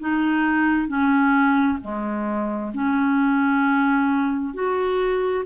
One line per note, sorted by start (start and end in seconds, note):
0.00 0.88 D#4
0.88 1.79 C#4
1.81 2.72 G#3
2.74 4.54 C#4
4.54 5.45 F#4